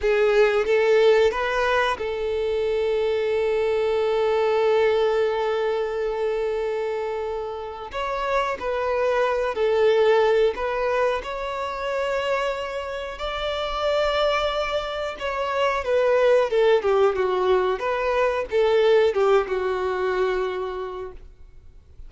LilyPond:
\new Staff \with { instrumentName = "violin" } { \time 4/4 \tempo 4 = 91 gis'4 a'4 b'4 a'4~ | a'1~ | a'1 | cis''4 b'4. a'4. |
b'4 cis''2. | d''2. cis''4 | b'4 a'8 g'8 fis'4 b'4 | a'4 g'8 fis'2~ fis'8 | }